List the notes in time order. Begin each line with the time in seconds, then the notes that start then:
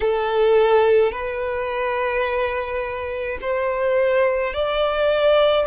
0.00 A4
1.12 B4
3.41 C5
4.53 D5